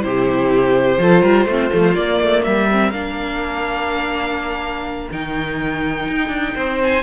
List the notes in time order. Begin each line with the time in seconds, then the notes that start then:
0.00 C3 E4 G4 C5
0.98 F3 F4 A4
1.21 G3 A#4
1.45 A3 C4 F4
1.70 F3 A3
1.94 A#3 D5
2.21 A3
2.43 G3 A#4 E5
2.71 C4
2.90 A#3 D4 F5
5.11 D#3 D#4 G5
6.08 D#4
6.28 D4
6.55 C4 C5
6.82 G#5